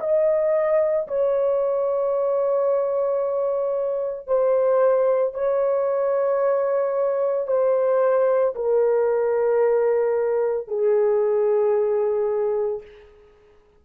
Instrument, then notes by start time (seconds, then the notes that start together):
horn
0.00 D#5
1.08 C#5
4.28 C5
5.34 C#5
7.48 C5
8.55 A#4
10.68 G#4